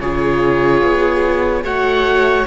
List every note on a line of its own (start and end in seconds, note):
0.00 0.83 C#3
0.00 1.65 F4
0.00 1.65 G#4
0.00 1.64 C#5
0.83 1.64 B3
1.64 2.46 A3
1.64 2.47 F#4
1.64 2.47 C#5
1.64 2.47 F#5